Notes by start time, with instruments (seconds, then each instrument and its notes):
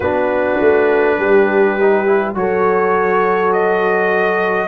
0.00 tuba B3, trombone D4, horn F#4, trumpet B4
0.60 tuba A3
1.18 tuba G3, horn G4
1.80 trombone D#4
2.05 trombone E4
2.33 tuba F#3, trombone F#4, horn A4, trumpet C#5
3.52 trumpet D#5